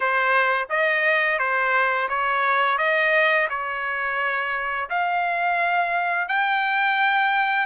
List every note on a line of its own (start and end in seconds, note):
0.00 0.68 C5
0.69 1.38 D#5
1.38 2.08 C5
2.08 2.78 C#5
2.78 3.48 D#5
3.49 4.89 C#5
4.89 6.28 F5
6.28 7.66 G5